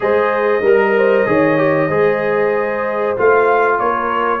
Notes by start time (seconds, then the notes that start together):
0.00 G#3 G#4 C5 D#5
0.62 G3 A#4
0.97 C5
1.26 D#3 G#4 C#5
1.57 G4
1.88 G#3 G#4 C5
3.17 A3 F4 F5
3.79 A#3 A#4 C#5